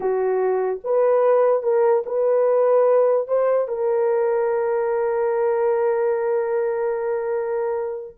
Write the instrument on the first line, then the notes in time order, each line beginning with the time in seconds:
horn
0.00 F#4
0.84 B4
1.62 A#4
2.06 B4
3.27 C5
3.68 A#4